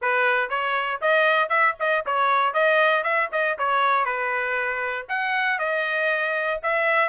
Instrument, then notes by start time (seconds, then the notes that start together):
trumpet
0.01 B4
0.49 C#5
1.01 D#5
1.49 E5
1.79 D#5
2.05 C#5
2.53 D#5
3.03 E5
3.32 D#5
3.58 C#5
4.05 B4
5.08 F#5
5.58 D#5
6.62 E5